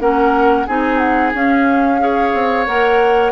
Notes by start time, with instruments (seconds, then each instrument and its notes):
0.00 bassoon A#3, clarinet C#4, oboe A#4, flute F#5
0.67 bassoon C4, clarinet D#4, oboe G#4, flute G#5
0.98 flute F#5
1.34 bassoon C#4, clarinet C#4, flute F5
2.00 clarinet G#4, oboe C#5
2.34 bassoon C4
2.67 bassoon A#3, clarinet A#4, flute F#5